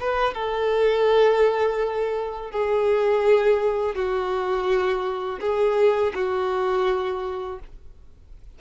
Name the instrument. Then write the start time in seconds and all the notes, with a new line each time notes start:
violin
0.00 B4
0.34 A4
2.51 G#4
3.95 F#4
5.41 G#4
6.14 F#4